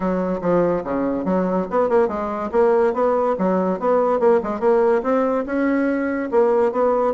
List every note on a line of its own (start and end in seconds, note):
0.00 0.40 F#3
0.41 0.83 F3
0.84 1.25 C#3
1.25 1.66 F#3
1.70 1.89 B3
1.89 2.08 A#3
2.08 2.50 G#3
2.51 2.93 A#3
2.93 3.35 B3
3.38 3.79 F#3
3.79 4.19 B3
4.19 4.40 A#3
4.43 4.60 G#3
4.60 5.02 A#3
5.03 5.45 C4
5.45 6.29 C#4
6.31 6.72 A#3
6.72 7.14 B3